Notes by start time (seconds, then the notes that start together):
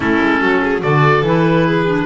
0.00 A3 C#4 E4 A4
0.22 G#3
0.41 F#3 F#4
0.62 G#4
0.81 D3 F#4 A4 D5
1.22 E3 E4 B4
1.65 G#4
1.86 D4